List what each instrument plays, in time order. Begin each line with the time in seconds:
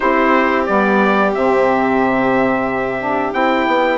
0.00 bassoon C4, saxophone E4, violin G4, trumpet C5
0.66 bassoon G3, saxophone B3, trumpet D5
1.33 bassoon C3, saxophone C4, trumpet E5
2.99 saxophone D4
3.32 bassoon C4, saxophone E4, trumpet G5
3.67 bassoon B3